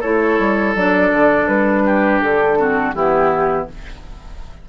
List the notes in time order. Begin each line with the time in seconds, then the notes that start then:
0.00 A3 E4 A4 C#5
0.39 G3
0.75 F#3 D4 D5
1.12 D3
1.48 G3 B4
1.85 G4
2.21 D3 A4
2.58 C4 F#4
2.94 E3 B3 E4 G4